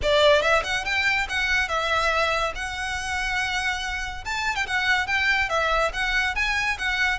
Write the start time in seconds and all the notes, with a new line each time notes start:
0.02 D5
0.41 E5
0.63 F#5
0.85 G5
1.29 F#5
1.68 E5
2.55 F#5
4.24 A5
4.55 G5
4.66 F#5
5.06 G5
5.49 E5
5.93 F#5
6.35 G#5
6.78 F#5